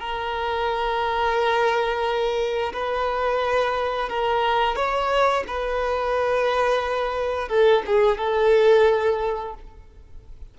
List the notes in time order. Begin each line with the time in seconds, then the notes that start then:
0.00 A#4
2.73 B4
4.09 A#4
4.76 C#5
5.47 B4
7.49 A4
7.86 G#4
8.18 A4